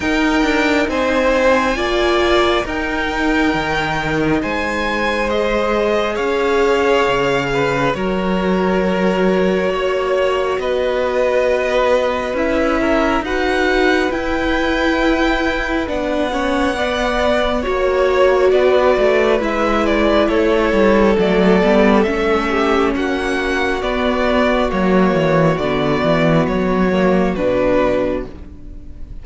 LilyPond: <<
  \new Staff \with { instrumentName = "violin" } { \time 4/4 \tempo 4 = 68 g''4 gis''2 g''4~ | g''4 gis''4 dis''4 f''4~ | f''4 cis''2. | dis''2 e''4 fis''4 |
g''2 fis''2 | cis''4 d''4 e''8 d''8 cis''4 | d''4 e''4 fis''4 d''4 | cis''4 d''4 cis''4 b'4 | }
  \new Staff \with { instrumentName = "violin" } { \time 4/4 ais'4 c''4 d''4 ais'4~ | ais'4 c''2 cis''4~ | cis''8 b'8 ais'2 cis''4 | b'2~ b'8 ais'8 b'4~ |
b'2~ b'8 cis''8 d''4 | cis''4 b'2 a'4~ | a'4. g'8 fis'2~ | fis'1 | }
  \new Staff \with { instrumentName = "viola" } { \time 4/4 dis'2 f'4 dis'4~ | dis'2 gis'2~ | gis'4 fis'2.~ | fis'2 e'4 fis'4 |
e'2 d'8 cis'8 b4 | fis'2 e'2 | a8 b8 cis'2 b4 | ais4 b4. ais8 d'4 | }
  \new Staff \with { instrumentName = "cello" } { \time 4/4 dis'8 d'8 c'4 ais4 dis'4 | dis4 gis2 cis'4 | cis4 fis2 ais4 | b2 cis'4 dis'4 |
e'2 b2 | ais4 b8 a8 gis4 a8 g8 | fis8 g8 a4 ais4 b4 | fis8 e8 d8 e8 fis4 b,4 | }
>>